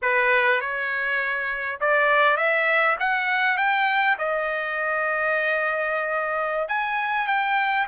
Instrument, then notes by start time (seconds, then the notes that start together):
trumpet
0.01 B4
0.60 C#5
1.80 D5
2.37 E5
2.99 F#5
3.57 G5
4.18 D#5
6.68 G#5
7.27 G5